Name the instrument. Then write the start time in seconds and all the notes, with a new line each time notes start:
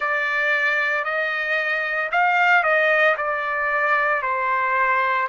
trumpet
0.00 D5
1.04 D#5
2.11 F5
2.63 D#5
3.17 D5
4.22 C5